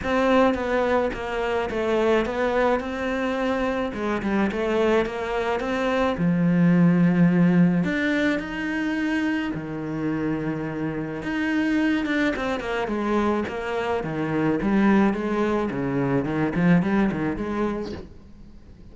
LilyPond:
\new Staff \with { instrumentName = "cello" } { \time 4/4 \tempo 4 = 107 c'4 b4 ais4 a4 | b4 c'2 gis8 g8 | a4 ais4 c'4 f4~ | f2 d'4 dis'4~ |
dis'4 dis2. | dis'4. d'8 c'8 ais8 gis4 | ais4 dis4 g4 gis4 | cis4 dis8 f8 g8 dis8 gis4 | }